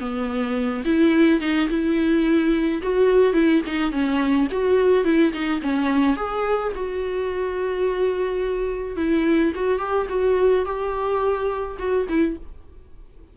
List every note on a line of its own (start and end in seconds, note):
0.00 0.84 B3
0.85 1.40 E4
1.40 1.68 D#4
1.69 2.82 E4
2.82 3.34 F#4
3.34 3.62 E4
3.67 3.92 D#4
3.92 4.48 C#4
4.52 5.05 F#4
5.05 5.33 E4
5.33 5.61 D#4
5.62 6.17 C#4
6.17 6.73 G#4
6.75 8.96 F#4
8.96 9.53 E4
9.56 9.79 F#4
9.79 10.07 G4
10.09 10.65 F#4
10.65 11.77 G4
11.79 12.07 F#4
12.09 12.37 E4